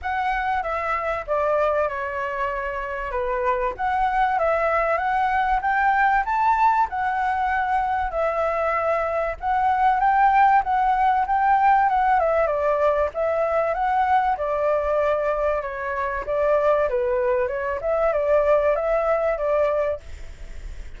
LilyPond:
\new Staff \with { instrumentName = "flute" } { \time 4/4 \tempo 4 = 96 fis''4 e''4 d''4 cis''4~ | cis''4 b'4 fis''4 e''4 | fis''4 g''4 a''4 fis''4~ | fis''4 e''2 fis''4 |
g''4 fis''4 g''4 fis''8 e''8 | d''4 e''4 fis''4 d''4~ | d''4 cis''4 d''4 b'4 | cis''8 e''8 d''4 e''4 d''4 | }